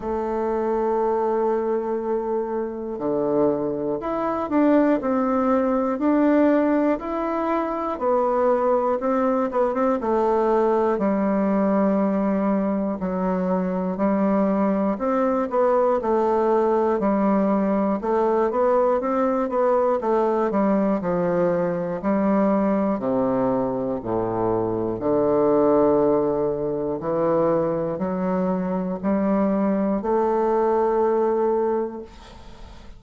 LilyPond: \new Staff \with { instrumentName = "bassoon" } { \time 4/4 \tempo 4 = 60 a2. d4 | e'8 d'8 c'4 d'4 e'4 | b4 c'8 b16 c'16 a4 g4~ | g4 fis4 g4 c'8 b8 |
a4 g4 a8 b8 c'8 b8 | a8 g8 f4 g4 c4 | a,4 d2 e4 | fis4 g4 a2 | }